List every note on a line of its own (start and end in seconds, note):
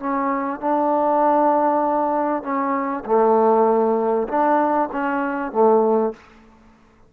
0.00 0.60 C#4
0.60 2.43 D4
2.43 3.04 C#4
3.06 4.28 A3
4.29 4.90 D4
4.93 5.52 C#4
5.52 6.14 A3